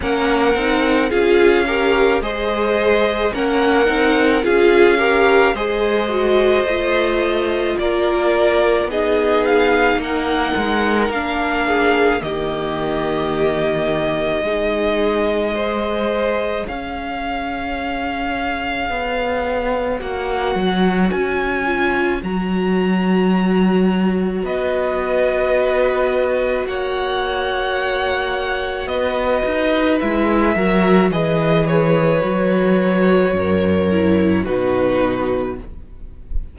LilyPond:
<<
  \new Staff \with { instrumentName = "violin" } { \time 4/4 \tempo 4 = 54 fis''4 f''4 dis''4 fis''4 | f''4 dis''2 d''4 | dis''8 f''8 fis''4 f''4 dis''4~ | dis''2. f''4~ |
f''2 fis''4 gis''4 | ais''2 dis''2 | fis''2 dis''4 e''4 | dis''8 cis''2~ cis''8 b'4 | }
  \new Staff \with { instrumentName = "violin" } { \time 4/4 ais'4 gis'8 ais'8 c''4 ais'4 | gis'8 ais'8 c''2 ais'4 | gis'4 ais'4. gis'8 g'4~ | g'4 gis'4 c''4 cis''4~ |
cis''1~ | cis''2 b'2 | cis''2 b'4. ais'8 | b'2 ais'4 fis'4 | }
  \new Staff \with { instrumentName = "viola" } { \time 4/4 cis'8 dis'8 f'8 g'8 gis'4 cis'8 dis'8 | f'8 g'8 gis'8 fis'8 f'2 | dis'2 d'4 ais4~ | ais4 dis'4 gis'2~ |
gis'2 fis'4. f'8 | fis'1~ | fis'2. e'8 fis'8 | gis'4 fis'4. e'8 dis'4 | }
  \new Staff \with { instrumentName = "cello" } { \time 4/4 ais8 c'8 cis'4 gis4 ais8 c'8 | cis'4 gis4 a4 ais4 | b4 ais8 gis8 ais4 dis4~ | dis4 gis2 cis'4~ |
cis'4 b4 ais8 fis8 cis'4 | fis2 b2 | ais2 b8 dis'8 gis8 fis8 | e4 fis4 fis,4 b,4 | }
>>